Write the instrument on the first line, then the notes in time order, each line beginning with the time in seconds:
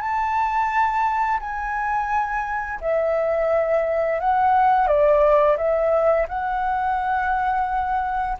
flute
0.00 A5
1.40 G#5
2.81 E5
4.20 F#5
4.87 D5
5.57 E5
6.28 F#5